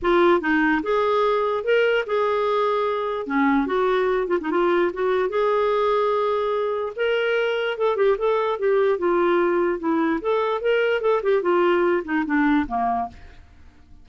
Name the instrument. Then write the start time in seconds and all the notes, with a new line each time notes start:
clarinet
0.02 F4
0.40 D#4
0.82 G#4
1.64 A#4
2.06 G#4
3.26 C#4
3.66 F#4
4.27 F4
4.40 D#4
4.50 F4
4.93 F#4
5.29 G#4
6.96 A#4
7.77 A4
7.96 G4
8.17 A4
8.58 G4
8.98 F4
9.79 E4
10.21 A4
10.61 A#4
11.01 A4
11.22 G4
11.42 F4
12.04 D#4
12.25 D4
12.67 A#3